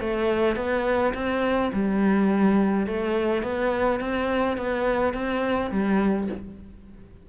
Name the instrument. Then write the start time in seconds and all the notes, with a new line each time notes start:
cello
0.00 A3
0.56 B3
1.14 C4
1.73 G3
2.87 A3
3.43 B3
4.00 C4
4.57 B3
5.14 C4
5.71 G3